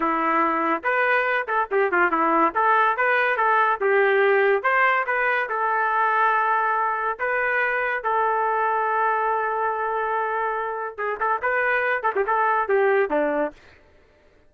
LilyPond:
\new Staff \with { instrumentName = "trumpet" } { \time 4/4 \tempo 4 = 142 e'2 b'4. a'8 | g'8 f'8 e'4 a'4 b'4 | a'4 g'2 c''4 | b'4 a'2.~ |
a'4 b'2 a'4~ | a'1~ | a'2 gis'8 a'8 b'4~ | b'8 a'16 g'16 a'4 g'4 d'4 | }